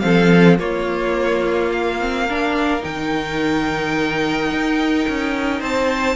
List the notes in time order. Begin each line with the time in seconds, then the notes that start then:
0.00 F3 C4 A4 F5
0.59 A#3 F4 C#5
1.72 F5
2.01 C4
2.28 D4 A#4
2.81 D#3 D#4 G5
4.52 D#4
5.09 C#4
5.60 C4 C5 A5